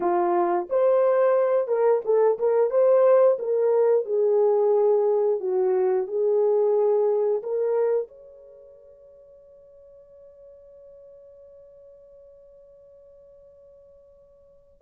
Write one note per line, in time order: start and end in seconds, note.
0.00 0.67 F4
0.69 1.67 C5
1.67 2.01 A#4
2.04 2.38 A4
2.38 2.70 A#4
2.70 3.37 C5
3.38 4.04 A#4
4.04 5.39 G#4
5.40 6.07 F#4
6.07 7.42 G#4
7.42 8.08 A#4
8.08 14.81 C#5